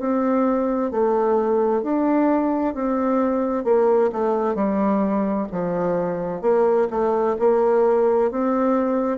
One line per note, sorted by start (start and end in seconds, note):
0.00 0.91 C4
0.91 1.83 A3
1.83 2.74 D4
2.74 3.65 C4
3.65 4.11 A#3
4.12 4.55 A3
4.55 5.48 G3
5.52 6.42 F3
6.42 6.88 A#3
6.90 7.36 A3
7.39 8.31 A#3
8.31 9.18 C4